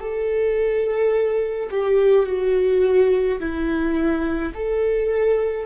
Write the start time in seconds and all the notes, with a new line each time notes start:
0.00 A4
1.71 G4
2.26 F#4
3.40 E4
4.55 A4